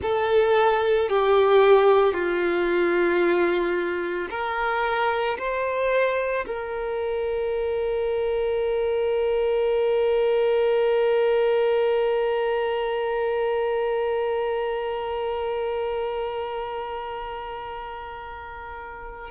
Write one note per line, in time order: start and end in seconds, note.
0.01 1.09 A4
1.09 2.13 G4
2.13 4.28 F4
4.30 5.37 A#4
5.38 6.45 C5
6.46 19.30 A#4